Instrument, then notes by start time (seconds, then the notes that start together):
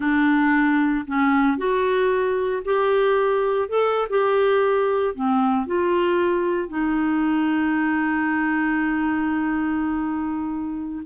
clarinet
0.00 D4
1.07 C#4
1.57 F#4
2.64 G4
3.68 A4
4.09 G4
5.14 C4
5.66 F4
6.68 D#4